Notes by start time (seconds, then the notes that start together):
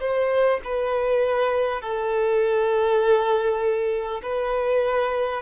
0.00 C5
0.64 B4
1.81 A4
4.22 B4